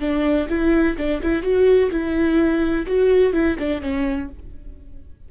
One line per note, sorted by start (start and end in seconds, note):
0.00 0.48 D4
0.49 0.97 E4
0.97 1.21 D4
1.22 1.42 E4
1.42 1.90 F#4
1.91 2.86 E4
2.86 3.33 F#4
3.33 3.57 E4
3.59 3.81 D4
3.81 4.29 C#4